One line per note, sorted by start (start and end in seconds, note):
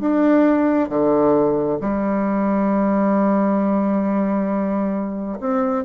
0.00 0.89 D4
0.89 1.79 D3
1.81 5.39 G3
5.40 5.85 C4